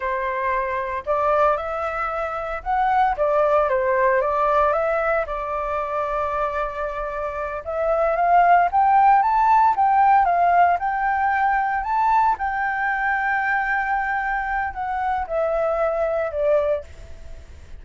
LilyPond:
\new Staff \with { instrumentName = "flute" } { \time 4/4 \tempo 4 = 114 c''2 d''4 e''4~ | e''4 fis''4 d''4 c''4 | d''4 e''4 d''2~ | d''2~ d''8 e''4 f''8~ |
f''8 g''4 a''4 g''4 f''8~ | f''8 g''2 a''4 g''8~ | g''1 | fis''4 e''2 d''4 | }